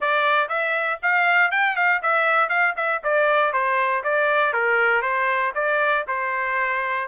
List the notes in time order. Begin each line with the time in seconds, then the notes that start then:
0.00 D5
0.49 E5
1.02 F5
1.51 G5
1.76 F5
2.02 E5
2.49 F5
2.76 E5
3.03 D5
3.52 C5
4.03 D5
4.53 A#4
5.02 C5
5.54 D5
6.07 C5